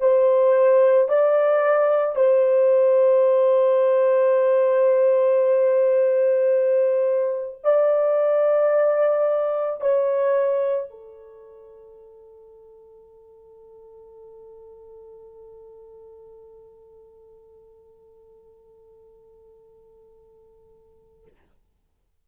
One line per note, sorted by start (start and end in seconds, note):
0.00 1.09 C5
1.09 2.16 D5
2.16 7.61 C5
7.64 9.81 D5
9.81 10.90 C#5
10.90 21.26 A4